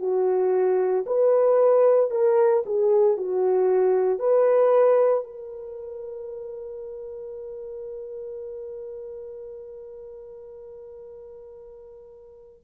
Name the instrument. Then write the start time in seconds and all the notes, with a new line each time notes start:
horn
0.00 F#4
1.06 B4
2.11 A#4
2.66 G#4
3.17 F#4
4.19 B4
5.24 A#4